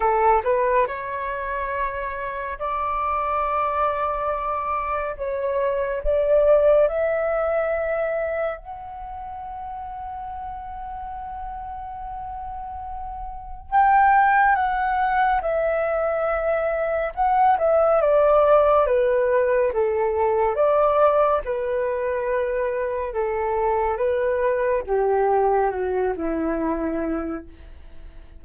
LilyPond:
\new Staff \with { instrumentName = "flute" } { \time 4/4 \tempo 4 = 70 a'8 b'8 cis''2 d''4~ | d''2 cis''4 d''4 | e''2 fis''2~ | fis''1 |
g''4 fis''4 e''2 | fis''8 e''8 d''4 b'4 a'4 | d''4 b'2 a'4 | b'4 g'4 fis'8 e'4. | }